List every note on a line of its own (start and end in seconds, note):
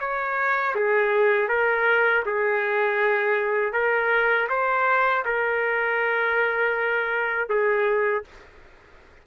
0.00 0.75 C#5
0.75 1.49 G#4
1.49 2.24 A#4
2.26 3.73 G#4
3.73 4.48 A#4
4.50 5.25 C5
5.26 7.50 A#4
7.50 8.25 G#4